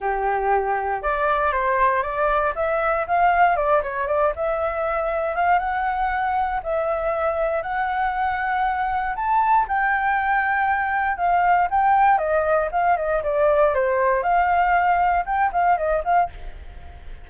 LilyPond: \new Staff \with { instrumentName = "flute" } { \time 4/4 \tempo 4 = 118 g'2 d''4 c''4 | d''4 e''4 f''4 d''8 cis''8 | d''8 e''2 f''8 fis''4~ | fis''4 e''2 fis''4~ |
fis''2 a''4 g''4~ | g''2 f''4 g''4 | dis''4 f''8 dis''8 d''4 c''4 | f''2 g''8 f''8 dis''8 f''8 | }